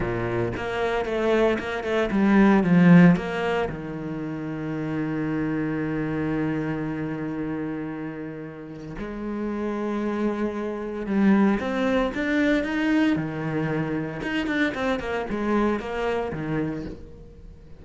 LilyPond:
\new Staff \with { instrumentName = "cello" } { \time 4/4 \tempo 4 = 114 ais,4 ais4 a4 ais8 a8 | g4 f4 ais4 dis4~ | dis1~ | dis1~ |
dis4 gis2.~ | gis4 g4 c'4 d'4 | dis'4 dis2 dis'8 d'8 | c'8 ais8 gis4 ais4 dis4 | }